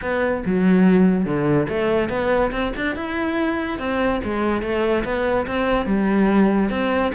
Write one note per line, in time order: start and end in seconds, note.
0.01 0.43 B3
0.45 1.25 F#3
1.25 1.67 D3
1.69 2.09 A3
2.09 2.51 B3
2.51 2.72 C4
2.76 2.95 D4
2.95 3.78 E4
3.78 4.20 C4
4.24 4.62 G#3
4.62 5.03 A3
5.04 5.46 B3
5.46 5.86 C4
5.86 6.70 G3
6.70 7.12 C4